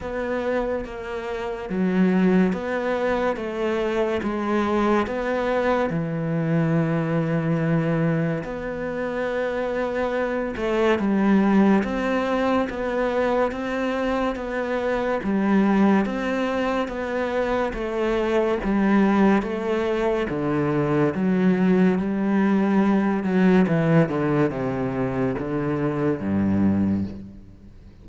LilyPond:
\new Staff \with { instrumentName = "cello" } { \time 4/4 \tempo 4 = 71 b4 ais4 fis4 b4 | a4 gis4 b4 e4~ | e2 b2~ | b8 a8 g4 c'4 b4 |
c'4 b4 g4 c'4 | b4 a4 g4 a4 | d4 fis4 g4. fis8 | e8 d8 c4 d4 g,4 | }